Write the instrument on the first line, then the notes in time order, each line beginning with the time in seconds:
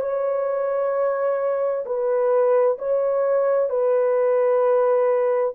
horn
0.00 C#5
1.85 B4
2.78 C#5
3.69 B4